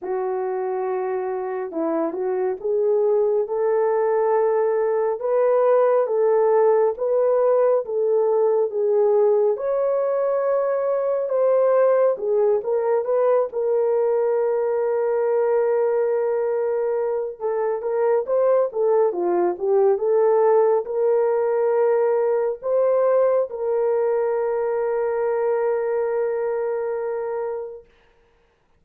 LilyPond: \new Staff \with { instrumentName = "horn" } { \time 4/4 \tempo 4 = 69 fis'2 e'8 fis'8 gis'4 | a'2 b'4 a'4 | b'4 a'4 gis'4 cis''4~ | cis''4 c''4 gis'8 ais'8 b'8 ais'8~ |
ais'1 | a'8 ais'8 c''8 a'8 f'8 g'8 a'4 | ais'2 c''4 ais'4~ | ais'1 | }